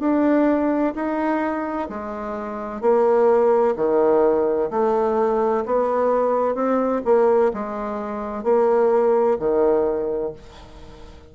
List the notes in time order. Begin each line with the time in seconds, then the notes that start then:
0.00 D4
0.95 D#4
1.89 G#3
2.81 A#3
3.76 D#3
4.70 A3
5.65 B3
6.55 C4
7.05 A#3
7.54 G#3
8.44 A#3
9.39 D#3